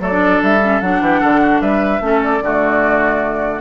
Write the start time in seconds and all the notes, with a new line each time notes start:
0.00 F#3 A3 A4 D5
0.12 D4
0.43 G3 E5
0.62 C#4
0.81 F#3 D4 F#5
1.01 E3 G4
1.20 D3 A4
1.41 F#4
1.61 G3 B4 E5
2.00 A3 C#4 A4
2.23 D5
2.42 D3 A3 F#4